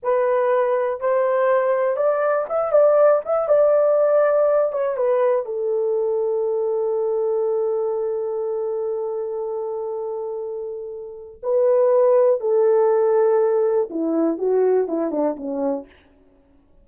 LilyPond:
\new Staff \with { instrumentName = "horn" } { \time 4/4 \tempo 4 = 121 b'2 c''2 | d''4 e''8 d''4 e''8 d''4~ | d''4. cis''8 b'4 a'4~ | a'1~ |
a'1~ | a'2. b'4~ | b'4 a'2. | e'4 fis'4 e'8 d'8 cis'4 | }